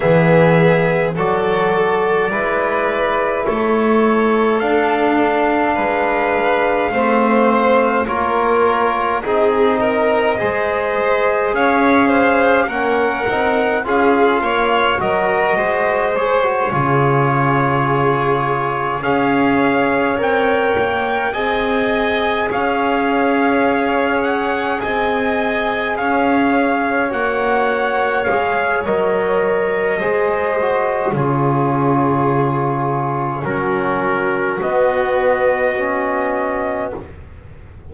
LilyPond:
<<
  \new Staff \with { instrumentName = "trumpet" } { \time 4/4 \tempo 4 = 52 e''4 d''2 cis''4 | f''2. cis''4 | dis''2 f''4 fis''4 | f''4 dis''4 cis''2~ |
cis''8 f''4 g''4 gis''4 f''8~ | f''4 fis''8 gis''4 f''4 fis''8~ | fis''8 f''8 dis''2 cis''4~ | cis''4 ais'4 dis''2 | }
  \new Staff \with { instrumentName = "violin" } { \time 4/4 gis'4 a'4 b'4 a'4~ | a'4 b'4 c''4 ais'4 | gis'8 ais'8 c''4 cis''8 c''8 ais'4 | gis'8 cis''8 ais'8 c''4 gis'4.~ |
gis'8 cis''2 dis''4 cis''8~ | cis''4. dis''4 cis''4.~ | cis''2 c''4 gis'4~ | gis'4 fis'2. | }
  \new Staff \with { instrumentName = "trombone" } { \time 4/4 b4 fis'4 e'2 | d'2 c'4 f'4 | dis'4 gis'2 cis'8 dis'8 | f'4 fis'4 gis'16 fis'16 f'4.~ |
f'8 gis'4 ais'4 gis'4.~ | gis'2.~ gis'8 fis'8~ | fis'8 gis'8 ais'4 gis'8 fis'8 f'4~ | f'4 cis'4 b4 cis'4 | }
  \new Staff \with { instrumentName = "double bass" } { \time 4/4 e4 fis4 gis4 a4 | d'4 gis4 a4 ais4 | c'4 gis4 cis'4 ais8 c'8 | cis'8 ais8 fis8 gis4 cis4.~ |
cis8 cis'4 c'8 ais8 c'4 cis'8~ | cis'4. c'4 cis'4 ais8~ | ais8 gis8 fis4 gis4 cis4~ | cis4 fis4 b2 | }
>>